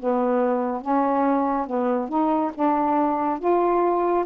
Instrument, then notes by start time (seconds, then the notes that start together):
saxophone
0.00 B3
0.82 C#4
1.67 B3
2.09 D#4
2.55 D4
3.40 F4